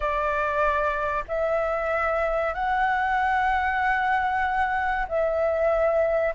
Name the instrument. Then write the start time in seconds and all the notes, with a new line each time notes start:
flute
0.00 D5
1.28 E5
2.53 F#5
5.08 E5